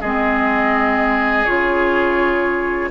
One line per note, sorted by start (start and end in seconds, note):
0.00 1.45 G#3
0.00 1.46 C4
0.00 2.89 G#4
0.00 1.45 D#5
1.45 2.90 C#3
1.45 2.90 F4
1.45 2.90 C#5